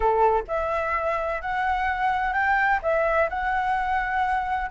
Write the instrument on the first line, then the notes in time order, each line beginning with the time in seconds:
flute
0.00 A4
0.47 E5
1.41 F#5
2.33 G5
2.82 E5
3.29 F#5